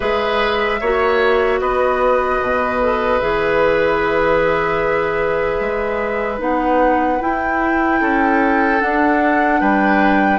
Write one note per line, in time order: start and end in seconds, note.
0.00 0.81 G#3
0.00 0.79 G#4
0.00 0.80 B4
0.00 1.60 E5
0.80 1.60 A#3
0.80 2.81 F#4
0.80 1.60 C#5
1.60 2.40 B3
1.60 8.00 B4
1.60 3.19 D#5
2.41 3.21 B2
2.81 3.20 A4
3.19 5.60 E3
3.19 6.38 G#4
3.19 6.39 E5
5.60 6.39 G#3
6.38 7.19 B3
6.38 7.18 D#4
6.38 7.21 F#5
7.19 8.79 E4
7.19 8.01 E4
7.19 8.80 G5
8.00 8.81 C#4
8.00 9.60 A4
8.79 10.39 D4
8.79 9.61 D4
8.79 9.60 F#5
9.60 10.39 G3
9.60 10.39 B4
9.60 10.39 G5